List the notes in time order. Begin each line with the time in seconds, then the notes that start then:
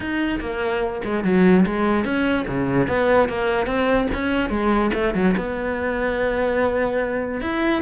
0.00 D#4
0.40 A#3
1.04 G#3
1.23 F#3
1.66 G#3
2.04 C#4
2.47 C#3
2.87 B3
3.28 A#3
3.66 C4
4.13 C#4
4.49 G#3
4.94 A3
5.14 F#3
5.37 B3
7.41 E4